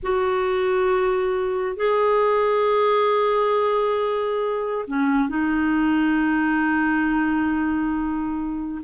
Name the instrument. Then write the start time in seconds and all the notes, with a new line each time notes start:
clarinet
0.02 F#4
1.76 G#4
4.87 C#4
5.28 D#4